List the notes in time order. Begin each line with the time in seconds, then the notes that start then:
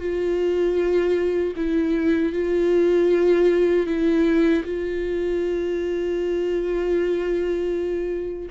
0.00 F4
1.56 E4
2.33 F4
3.87 E4
4.65 F4